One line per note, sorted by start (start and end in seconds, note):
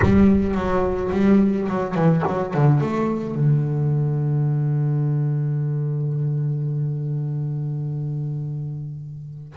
0.02 0.54 G3
0.54 1.10 F#3
1.11 1.67 G3
1.68 1.94 F#3
1.94 2.23 E3
2.27 2.54 F#3
2.54 2.80 D3
2.80 3.35 A3
3.35 9.51 D3